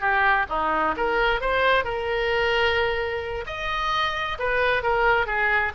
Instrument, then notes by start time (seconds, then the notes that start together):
oboe
0.00 G4
0.49 D#4
0.96 A#4
1.41 C5
1.84 A#4
3.46 D#5
4.39 B4
4.82 A#4
5.26 G#4